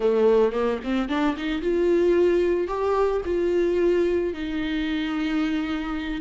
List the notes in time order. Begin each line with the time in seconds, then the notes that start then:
0.00 A3
0.52 A#3
0.83 C4
1.09 D4
1.37 D#4
1.61 F4
2.67 G4
3.25 F4
4.33 D#4